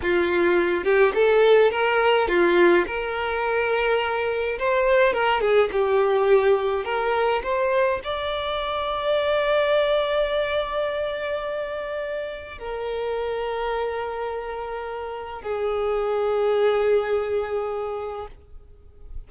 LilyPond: \new Staff \with { instrumentName = "violin" } { \time 4/4 \tempo 4 = 105 f'4. g'8 a'4 ais'4 | f'4 ais'2. | c''4 ais'8 gis'8 g'2 | ais'4 c''4 d''2~ |
d''1~ | d''2 ais'2~ | ais'2. gis'4~ | gis'1 | }